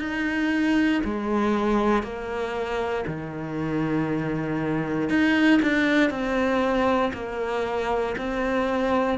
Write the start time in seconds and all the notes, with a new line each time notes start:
0.00 D#4
1.04 G#3
2.03 A#3
3.07 D#3
5.09 D#4
5.62 D4
6.10 C4
7.14 A#3
8.18 C4